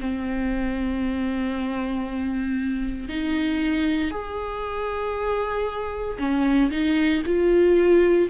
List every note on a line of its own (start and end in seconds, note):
0.00 3.08 C4
3.08 4.11 D#4
4.11 6.17 G#4
6.19 6.71 C#4
6.71 7.22 D#4
7.26 8.29 F4